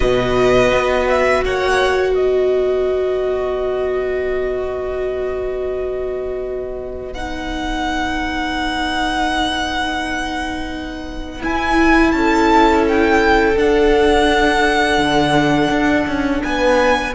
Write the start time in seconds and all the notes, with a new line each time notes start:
0.00 B2 F#4 B4 D#5
0.72 B3
1.08 E5
1.44 A#3 C#5 F#5
2.11 B3 B4 D#5
7.13 D#4 F#5
11.40 E4 G#5
12.11 C#4 A4 A5
12.87 G5
13.55 D4 F#5
14.97 D3
15.70 D4
16.06 C#4
16.42 B3 B4 G#5